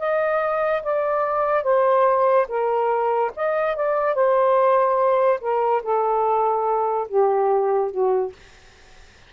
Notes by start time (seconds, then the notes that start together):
0.00 D#5
0.83 D5
1.64 C5
2.49 A#4
3.37 D#5
3.76 D5
4.15 C5
5.41 A#4
5.83 A4
7.09 G4
7.92 F#4